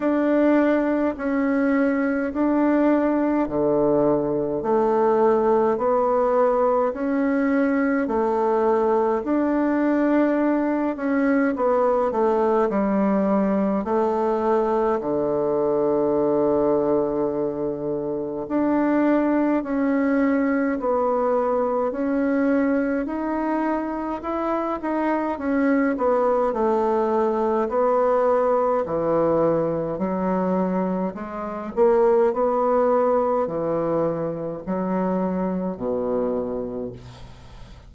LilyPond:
\new Staff \with { instrumentName = "bassoon" } { \time 4/4 \tempo 4 = 52 d'4 cis'4 d'4 d4 | a4 b4 cis'4 a4 | d'4. cis'8 b8 a8 g4 | a4 d2. |
d'4 cis'4 b4 cis'4 | dis'4 e'8 dis'8 cis'8 b8 a4 | b4 e4 fis4 gis8 ais8 | b4 e4 fis4 b,4 | }